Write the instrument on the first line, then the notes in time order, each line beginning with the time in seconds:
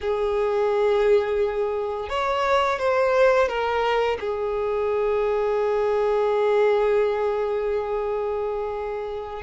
violin
0.00 G#4
2.09 C#5
2.78 C5
3.48 A#4
4.20 G#4